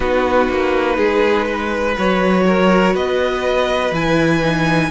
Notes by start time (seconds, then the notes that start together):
0.00 B3 D#4 F#4 B4
0.49 A#3
0.97 G#3 G#4
1.45 B4
1.98 F#3 F#4 C#5
2.46 A#4
2.93 B3 B4 D#5
3.91 E3 E4 G#5
4.42 D#4